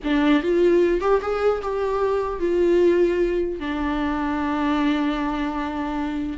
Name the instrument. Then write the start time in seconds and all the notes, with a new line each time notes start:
viola
0.04 D4
0.42 F4
1.00 G4
1.21 G#4
1.62 G4
2.39 F4
3.59 D4